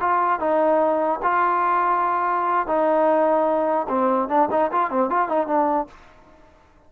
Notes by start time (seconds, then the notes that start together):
0.00 F4
0.40 D#4
1.22 F4
2.67 D#4
3.89 C4
4.28 D4
4.51 D#4
4.72 F4
4.90 C4
5.09 F4
5.28 D#4
5.47 D4